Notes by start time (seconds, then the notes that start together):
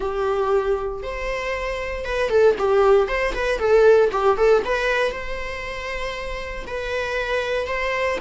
0.00 G4
1.03 C5
2.04 B4
2.29 A4
2.58 G4
3.08 C5
3.34 B4
3.58 A4
4.11 G4
4.37 A4
4.64 B4
5.11 C5
6.67 B4
7.67 C5